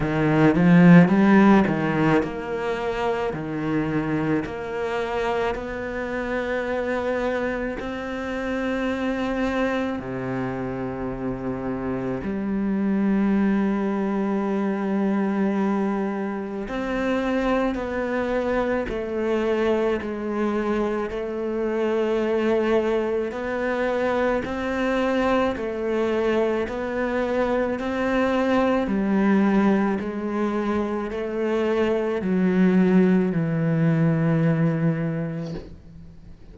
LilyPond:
\new Staff \with { instrumentName = "cello" } { \time 4/4 \tempo 4 = 54 dis8 f8 g8 dis8 ais4 dis4 | ais4 b2 c'4~ | c'4 c2 g4~ | g2. c'4 |
b4 a4 gis4 a4~ | a4 b4 c'4 a4 | b4 c'4 g4 gis4 | a4 fis4 e2 | }